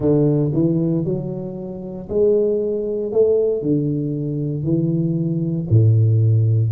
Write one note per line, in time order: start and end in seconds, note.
0.00 0.51 D3
0.53 1.04 E3
1.04 2.08 F#3
2.09 3.12 G#3
3.12 3.62 A3
3.62 4.63 D3
4.63 5.67 E3
5.69 6.71 A2